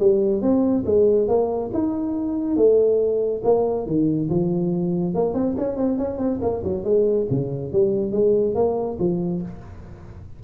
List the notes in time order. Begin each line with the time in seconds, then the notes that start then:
0.00 G3
0.42 C4
0.86 G#3
1.28 A#3
1.74 D#4
2.57 A3
3.44 A#3
3.87 D#3
4.30 F3
5.15 A#3
5.34 C4
5.58 C#4
5.77 C4
5.98 C#4
6.19 C4
6.42 A#3
6.64 F#3
6.84 G#3
7.31 C#3
7.73 G3
8.13 G#3
8.55 A#3
8.99 F3